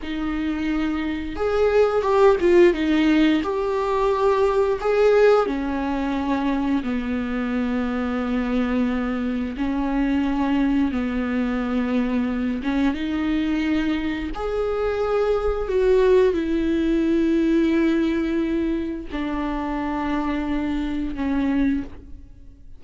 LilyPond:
\new Staff \with { instrumentName = "viola" } { \time 4/4 \tempo 4 = 88 dis'2 gis'4 g'8 f'8 | dis'4 g'2 gis'4 | cis'2 b2~ | b2 cis'2 |
b2~ b8 cis'8 dis'4~ | dis'4 gis'2 fis'4 | e'1 | d'2. cis'4 | }